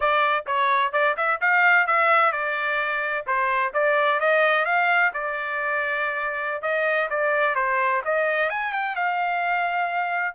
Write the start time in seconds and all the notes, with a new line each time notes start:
0.00 D5
0.46 C#5
0.92 D5
1.16 E5
1.40 F5
1.86 E5
2.32 D5
3.26 C5
3.73 D5
4.20 D#5
4.65 F5
5.13 D5
6.62 D#5
7.10 D5
7.55 C5
8.05 D#5
8.49 G#5
8.72 G5
8.95 F5